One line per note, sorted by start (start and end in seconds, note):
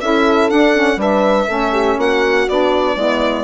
0.00 0.50 C#4
0.00 0.50 E4
0.00 0.98 A4
0.00 0.50 E5
0.50 0.74 D4
0.50 0.96 D4
0.50 0.99 F#5
0.75 0.97 C#4
0.96 1.46 G3
0.96 1.47 D4
0.96 1.48 B4
0.96 2.00 E5
1.47 1.97 A3
1.47 2.46 C#4
1.47 1.72 A4
1.72 1.97 G4
1.97 2.47 A#3
1.97 2.95 F#4
1.97 2.48 F#5
2.48 2.96 B3
2.48 2.97 D4
2.48 3.44 D5
2.95 3.44 G#3
2.95 3.44 B3
2.95 3.44 E4